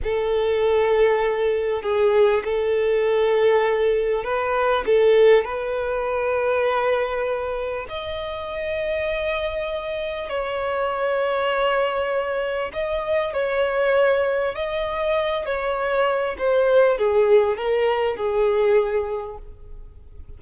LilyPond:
\new Staff \with { instrumentName = "violin" } { \time 4/4 \tempo 4 = 99 a'2. gis'4 | a'2. b'4 | a'4 b'2.~ | b'4 dis''2.~ |
dis''4 cis''2.~ | cis''4 dis''4 cis''2 | dis''4. cis''4. c''4 | gis'4 ais'4 gis'2 | }